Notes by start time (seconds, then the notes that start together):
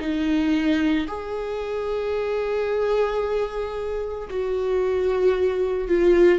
0.00 D#4
1.08 G#4
4.30 F#4
5.89 F4